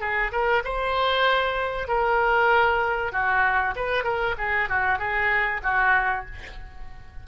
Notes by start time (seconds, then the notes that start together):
0.00 G#4
0.32 A#4
0.64 C5
1.88 A#4
3.12 F#4
3.75 B4
4.03 A#4
4.38 G#4
4.69 F#4
4.98 G#4
5.62 F#4